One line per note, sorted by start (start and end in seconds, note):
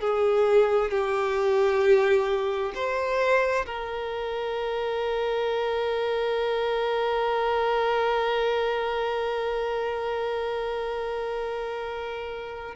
0.00 0.90 G#4
0.90 2.72 G4
2.74 3.65 C5
3.66 12.75 A#4